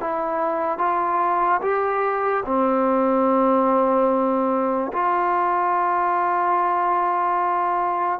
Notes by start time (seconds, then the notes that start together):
0.00 E4
0.78 F4
1.61 G4
2.45 C4
4.92 F4